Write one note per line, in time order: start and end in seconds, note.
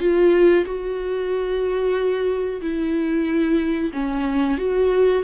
0.00 0.65 F4
0.66 2.61 F#4
2.61 3.92 E4
3.93 4.58 C#4
4.58 5.23 F#4